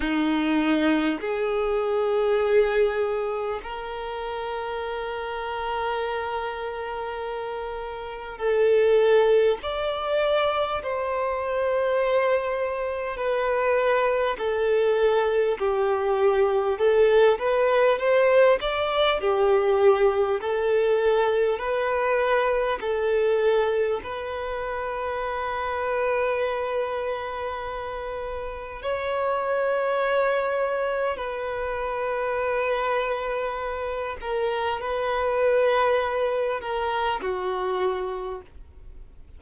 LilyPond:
\new Staff \with { instrumentName = "violin" } { \time 4/4 \tempo 4 = 50 dis'4 gis'2 ais'4~ | ais'2. a'4 | d''4 c''2 b'4 | a'4 g'4 a'8 b'8 c''8 d''8 |
g'4 a'4 b'4 a'4 | b'1 | cis''2 b'2~ | b'8 ais'8 b'4. ais'8 fis'4 | }